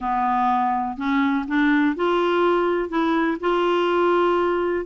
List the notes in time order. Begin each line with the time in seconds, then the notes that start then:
0.00 B3
0.97 C#4
1.47 D4
1.96 F4
2.89 E4
3.40 F4